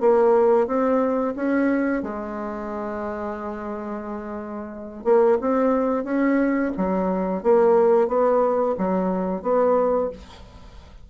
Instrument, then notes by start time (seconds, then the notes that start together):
bassoon
0.00 A#3
0.67 C4
1.36 C#4
2.02 G#3
5.04 A#3
5.41 C4
6.04 C#4
6.77 F#3
7.43 A#3
8.08 B3
8.78 F#3
9.42 B3